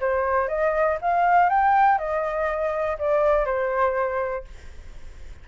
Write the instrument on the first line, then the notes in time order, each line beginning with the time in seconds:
flute
0.00 C5
0.48 D#5
1.01 F5
1.49 G5
1.98 D#5
2.98 D5
3.45 C5